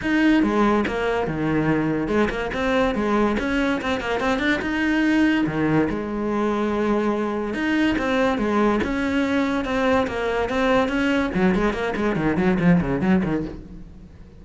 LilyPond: \new Staff \with { instrumentName = "cello" } { \time 4/4 \tempo 4 = 143 dis'4 gis4 ais4 dis4~ | dis4 gis8 ais8 c'4 gis4 | cis'4 c'8 ais8 c'8 d'8 dis'4~ | dis'4 dis4 gis2~ |
gis2 dis'4 c'4 | gis4 cis'2 c'4 | ais4 c'4 cis'4 fis8 gis8 | ais8 gis8 dis8 fis8 f8 cis8 fis8 dis8 | }